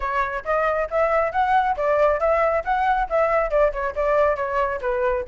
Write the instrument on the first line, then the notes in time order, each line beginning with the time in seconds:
flute
0.00 C#5
0.44 D#5
0.90 E5
1.32 F#5
1.76 D5
2.20 E5
2.64 F#5
3.09 E5
3.50 D5
3.72 C#5
3.95 D5
4.36 C#5
4.81 B4